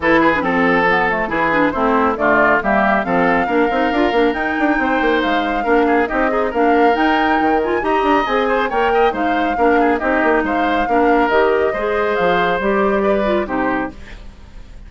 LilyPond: <<
  \new Staff \with { instrumentName = "flute" } { \time 4/4 \tempo 4 = 138 b'4 a'2 b'4 | c''4 d''4 e''4 f''4~ | f''2 g''2 | f''2 dis''4 f''4 |
g''4. gis''8 ais''4 gis''4 | g''4 f''2 dis''4 | f''2 dis''2 | f''4 d''2 c''4 | }
  \new Staff \with { instrumentName = "oboe" } { \time 4/4 a'8 gis'8 a'2 gis'4 | e'4 f'4 g'4 a'4 | ais'2. c''4~ | c''4 ais'8 gis'8 g'8 dis'8 ais'4~ |
ais'2 dis''4. c''8 | cis''8 dis''8 c''4 ais'8 gis'8 g'4 | c''4 ais'2 c''4~ | c''2 b'4 g'4 | }
  \new Staff \with { instrumentName = "clarinet" } { \time 4/4 e'8. d'16 c'4 b8 a8 e'8 d'8 | c'4 a4 ais4 c'4 | d'8 dis'8 f'8 d'8 dis'2~ | dis'4 d'4 dis'8 gis'8 d'4 |
dis'4. f'8 g'4 gis'4 | ais'4 dis'4 d'4 dis'4~ | dis'4 d'4 g'4 gis'4~ | gis'4 g'4. f'8 dis'4 | }
  \new Staff \with { instrumentName = "bassoon" } { \time 4/4 e4 f2 e4 | a4 d4 g4 f4 | ais8 c'8 d'8 ais8 dis'8 d'8 c'8 ais8 | gis4 ais4 c'4 ais4 |
dis'4 dis4 dis'8 d'8 c'4 | ais4 gis4 ais4 c'8 ais8 | gis4 ais4 dis4 gis4 | f4 g2 c4 | }
>>